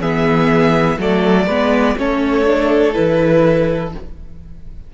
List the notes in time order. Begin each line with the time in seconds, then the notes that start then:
0.00 E3 B3 G#4 E5
0.98 F#3 A3 A4 D5
1.47 G#3 B3 B4
1.97 A3 C#4 A4 C#5
2.46 D4
2.94 E3 E4 B4